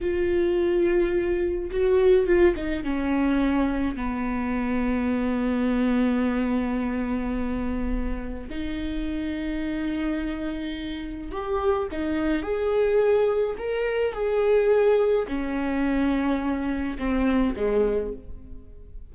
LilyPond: \new Staff \with { instrumentName = "viola" } { \time 4/4 \tempo 4 = 106 f'2. fis'4 | f'8 dis'8 cis'2 b4~ | b1~ | b2. dis'4~ |
dis'1 | g'4 dis'4 gis'2 | ais'4 gis'2 cis'4~ | cis'2 c'4 gis4 | }